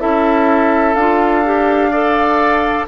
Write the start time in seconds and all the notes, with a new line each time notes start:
0.00 C#4 E4 A4 E5
0.95 D4 F4 F5
1.45 G4
1.91 A4 D5